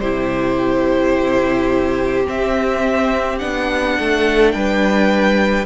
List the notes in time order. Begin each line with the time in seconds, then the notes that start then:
0.00 C3 E4 G4 C5
2.25 C4 E5
3.39 B3 D4 F#5
3.99 A3 A4
4.52 G3 B4 G5